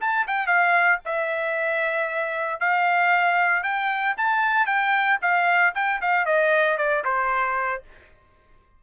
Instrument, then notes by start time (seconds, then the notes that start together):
trumpet
0.00 A5
0.27 G5
0.46 F5
1.05 E5
2.60 F5
3.63 G5
4.17 A5
4.66 G5
5.22 F5
5.74 G5
6.01 F5
6.25 D#5
6.77 D5
7.04 C5